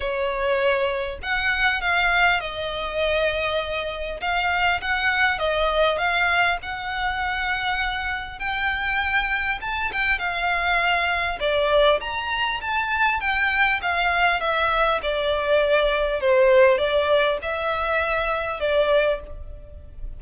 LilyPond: \new Staff \with { instrumentName = "violin" } { \time 4/4 \tempo 4 = 100 cis''2 fis''4 f''4 | dis''2. f''4 | fis''4 dis''4 f''4 fis''4~ | fis''2 g''2 |
a''8 g''8 f''2 d''4 | ais''4 a''4 g''4 f''4 | e''4 d''2 c''4 | d''4 e''2 d''4 | }